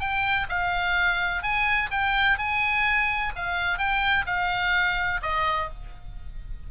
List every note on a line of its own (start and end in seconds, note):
0.00 0.47 G5
0.49 1.43 F5
1.43 1.90 G#5
1.91 2.39 G5
2.39 3.33 G#5
3.36 3.78 F5
3.78 4.26 G5
4.26 5.21 F5
5.22 5.70 D#5